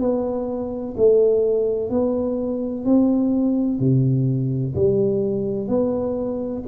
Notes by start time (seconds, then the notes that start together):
0.00 B3
0.97 A3
1.90 B3
2.85 C4
3.80 C3
4.75 G3
5.68 B3